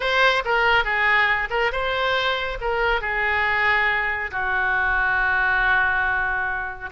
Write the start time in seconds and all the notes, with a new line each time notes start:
0.00 C5
0.44 A#4
0.84 G#4
1.50 A#4
1.71 C5
2.61 A#4
3.01 G#4
4.31 F#4